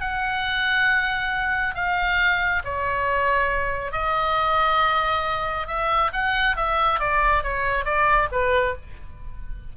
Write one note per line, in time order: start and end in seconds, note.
0.00 1.75 F#5
1.75 2.62 F5
2.64 3.92 C#5
3.92 5.67 D#5
5.67 6.11 E5
6.13 6.56 F#5
6.56 6.99 E5
6.99 7.43 D5
7.43 7.85 C#5
7.85 8.29 D5
8.32 8.75 B4